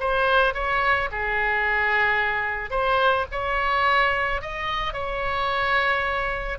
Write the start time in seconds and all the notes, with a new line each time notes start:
0.00 C5
0.54 C#5
1.12 G#4
2.70 C5
3.32 C#5
4.42 D#5
4.93 C#5